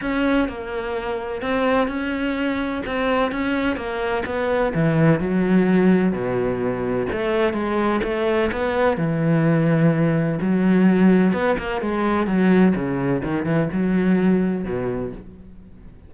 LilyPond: \new Staff \with { instrumentName = "cello" } { \time 4/4 \tempo 4 = 127 cis'4 ais2 c'4 | cis'2 c'4 cis'4 | ais4 b4 e4 fis4~ | fis4 b,2 a4 |
gis4 a4 b4 e4~ | e2 fis2 | b8 ais8 gis4 fis4 cis4 | dis8 e8 fis2 b,4 | }